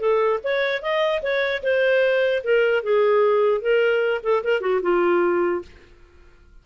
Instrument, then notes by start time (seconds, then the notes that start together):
clarinet
0.00 A4
0.44 C#5
0.82 D#5
1.23 C#5
1.63 C5
2.44 A#4
2.84 G#4
3.62 A#4
4.24 A4
4.44 A#4
4.61 F#4
4.83 F4